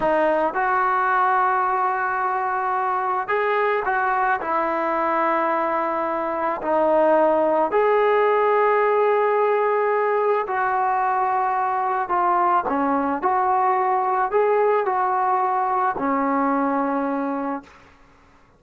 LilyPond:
\new Staff \with { instrumentName = "trombone" } { \time 4/4 \tempo 4 = 109 dis'4 fis'2.~ | fis'2 gis'4 fis'4 | e'1 | dis'2 gis'2~ |
gis'2. fis'4~ | fis'2 f'4 cis'4 | fis'2 gis'4 fis'4~ | fis'4 cis'2. | }